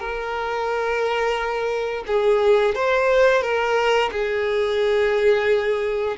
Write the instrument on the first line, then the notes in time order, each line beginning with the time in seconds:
violin
0.00 A#4
2.07 G#4
2.75 C5
3.42 A#4
4.12 G#4